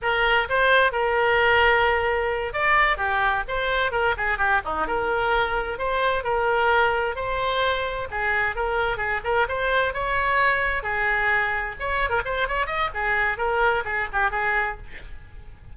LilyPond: \new Staff \with { instrumentName = "oboe" } { \time 4/4 \tempo 4 = 130 ais'4 c''4 ais'2~ | ais'4. d''4 g'4 c''8~ | c''8 ais'8 gis'8 g'8 dis'8 ais'4.~ | ais'8 c''4 ais'2 c''8~ |
c''4. gis'4 ais'4 gis'8 | ais'8 c''4 cis''2 gis'8~ | gis'4. cis''8. ais'16 c''8 cis''8 dis''8 | gis'4 ais'4 gis'8 g'8 gis'4 | }